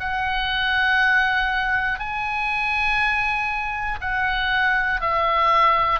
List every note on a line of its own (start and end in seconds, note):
0.00 1.99 F#5
1.99 3.99 G#5
4.01 5.01 F#5
5.01 6.00 E5